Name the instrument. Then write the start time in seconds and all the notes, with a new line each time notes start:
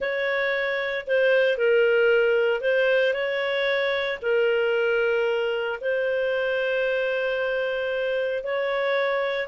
clarinet
0.00 C#5
1.06 C5
1.57 A#4
2.61 C5
3.13 C#5
4.22 A#4
5.81 C5
8.43 C#5